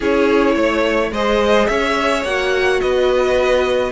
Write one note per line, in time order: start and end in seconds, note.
0.00 0.55 C#4
0.00 1.13 E4
0.00 0.55 G#4
0.00 1.13 C#5
0.55 1.11 A3
0.55 1.11 C#5
1.11 1.67 G#3
1.11 2.26 G#4
1.11 1.68 C5
1.11 1.66 D#5
1.66 2.24 C#4
1.66 2.80 C#5
1.66 2.23 E5
2.24 2.80 A#3
2.24 3.91 F#4
2.24 2.80 F#5
2.80 3.91 B3
2.80 3.91 B4
2.80 3.91 D#5